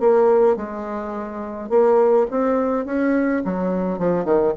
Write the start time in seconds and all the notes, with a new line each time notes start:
0.00 A#3
0.56 G#3
1.70 A#3
2.31 C4
2.85 C#4
3.45 F#3
3.99 F3
4.25 D#3